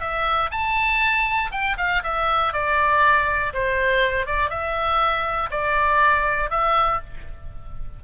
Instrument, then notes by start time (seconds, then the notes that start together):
oboe
0.00 E5
0.51 A5
1.51 G5
1.77 F5
2.03 E5
2.53 D5
3.53 C5
4.26 D5
4.50 E5
5.50 D5
6.50 E5